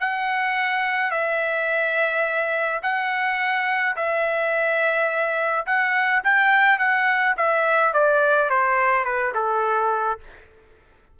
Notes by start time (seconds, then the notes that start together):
0.00 F#5
1.11 E5
2.83 F#5
3.96 E5
5.66 F#5
6.24 G5
6.78 F#5
7.37 E5
7.93 D5
8.50 C5
9.05 B4
9.34 A4